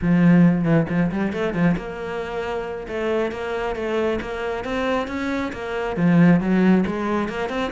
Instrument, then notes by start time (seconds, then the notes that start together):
cello
0.01 F3
0.64 E3
0.89 F3
1.11 G3
1.32 A3
1.53 F3
1.76 A#3
2.88 A3
3.31 A#3
3.75 A3
4.21 A#3
4.64 C4
5.07 C#4
5.53 A#3
5.96 F3
6.40 F#3
6.86 G#3
7.28 A#3
7.49 C4